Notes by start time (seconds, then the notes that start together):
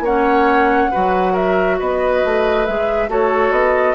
0.00 A#3 C#4 C#5 F#5
0.91 F#3 F#4 B4
1.32 A#4 E5
1.79 B3 B4 D#5
2.24 A3
2.65 G#3 G#4 E5
3.08 A3 F#4 A4 C#5
3.50 B3 D#5